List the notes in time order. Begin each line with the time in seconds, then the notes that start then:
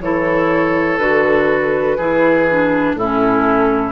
0.00 E3 E4 A4 C#5
0.98 D3 F#4 B4
1.97 E3 E4 G#4
2.50 D4
2.95 A2 C#4 E4 A4